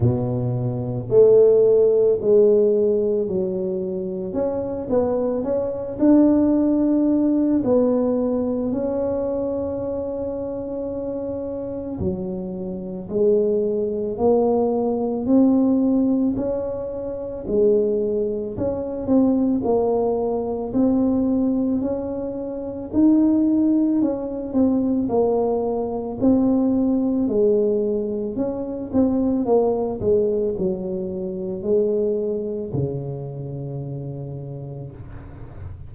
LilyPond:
\new Staff \with { instrumentName = "tuba" } { \time 4/4 \tempo 4 = 55 b,4 a4 gis4 fis4 | cis'8 b8 cis'8 d'4. b4 | cis'2. fis4 | gis4 ais4 c'4 cis'4 |
gis4 cis'8 c'8 ais4 c'4 | cis'4 dis'4 cis'8 c'8 ais4 | c'4 gis4 cis'8 c'8 ais8 gis8 | fis4 gis4 cis2 | }